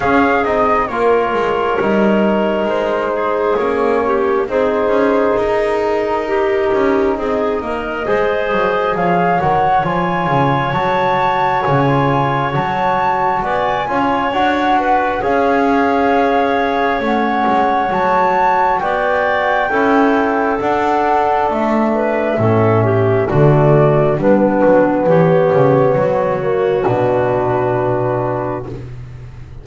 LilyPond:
<<
  \new Staff \with { instrumentName = "flute" } { \time 4/4 \tempo 4 = 67 f''8 dis''8 cis''2 c''4 | cis''4 c''4 ais'2 | dis''2 f''8 fis''8 gis''4 | a''4 gis''4 a''4 gis''4 |
fis''4 f''2 fis''4 | a''4 g''2 fis''4 | e''2 d''4 b'4 | cis''2 b'2 | }
  \new Staff \with { instrumentName = "clarinet" } { \time 4/4 gis'4 ais'2~ ais'8 gis'8~ | gis'8 g'8 gis'2 g'4 | gis'8 ais'8 c''4 cis''2~ | cis''2. d''8 cis''8~ |
cis''8 b'8 cis''2.~ | cis''4 d''4 a'2~ | a'8 b'8 a'8 g'8 fis'4 d'4 | g'4 fis'2. | }
  \new Staff \with { instrumentName = "trombone" } { \time 4/4 cis'8 dis'8 f'4 dis'2 | cis'4 dis'2.~ | dis'4 gis'4. fis'8 f'4 | fis'4~ fis'16 f'8. fis'4. f'8 |
fis'4 gis'2 cis'4 | fis'2 e'4 d'4~ | d'4 cis'4 a4 b4~ | b4. ais8 d'2 | }
  \new Staff \with { instrumentName = "double bass" } { \time 4/4 cis'8 c'8 ais8 gis8 g4 gis4 | ais4 c'8 cis'8 dis'4. cis'8 | c'8 ais8 gis8 fis8 f8 dis8 f8 cis8 | fis4 cis4 fis4 b8 cis'8 |
d'4 cis'2 a8 gis8 | fis4 b4 cis'4 d'4 | a4 a,4 d4 g8 fis8 | e8 cis8 fis4 b,2 | }
>>